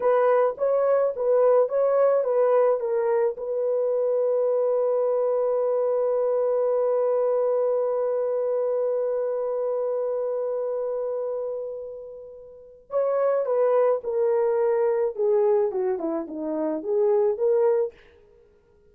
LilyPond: \new Staff \with { instrumentName = "horn" } { \time 4/4 \tempo 4 = 107 b'4 cis''4 b'4 cis''4 | b'4 ais'4 b'2~ | b'1~ | b'1~ |
b'1~ | b'2. cis''4 | b'4 ais'2 gis'4 | fis'8 e'8 dis'4 gis'4 ais'4 | }